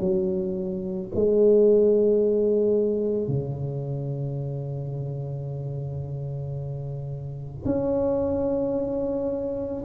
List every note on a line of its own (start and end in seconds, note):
0.00 1.09 F#3
1.16 3.28 G#3
3.28 7.65 C#3
7.66 9.84 C#4